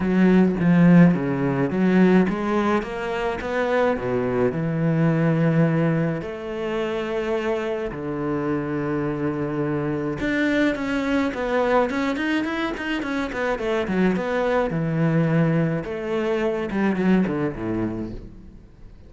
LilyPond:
\new Staff \with { instrumentName = "cello" } { \time 4/4 \tempo 4 = 106 fis4 f4 cis4 fis4 | gis4 ais4 b4 b,4 | e2. a4~ | a2 d2~ |
d2 d'4 cis'4 | b4 cis'8 dis'8 e'8 dis'8 cis'8 b8 | a8 fis8 b4 e2 | a4. g8 fis8 d8 a,4 | }